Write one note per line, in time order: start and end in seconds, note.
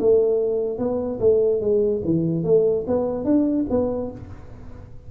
0.00 0.79 A3
0.79 1.20 B3
1.20 1.61 A3
1.61 2.02 G#3
2.05 2.44 E3
2.44 2.85 A3
2.87 3.25 B3
3.25 3.66 D4
3.70 4.11 B3